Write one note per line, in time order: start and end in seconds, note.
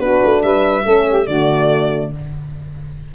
0.00 0.21 B3
0.00 0.85 D4
0.00 0.44 F#4
0.00 0.43 B4
0.25 0.44 A3
0.43 0.86 G3
0.43 0.86 B4
0.43 1.27 E5
0.85 1.28 A3
0.85 1.27 C#4
0.85 1.07 A4
1.09 1.27 G4
1.27 2.13 D3
1.27 2.15 A3
1.27 2.12 F#4
1.27 2.11 D5